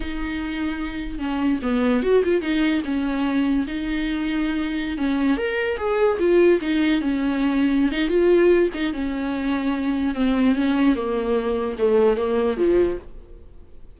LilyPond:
\new Staff \with { instrumentName = "viola" } { \time 4/4 \tempo 4 = 148 dis'2. cis'4 | b4 fis'8 f'8 dis'4 cis'4~ | cis'4 dis'2.~ | dis'16 cis'4 ais'4 gis'4 f'8.~ |
f'16 dis'4 cis'2~ cis'16 dis'8 | f'4. dis'8 cis'2~ | cis'4 c'4 cis'4 ais4~ | ais4 a4 ais4 f4 | }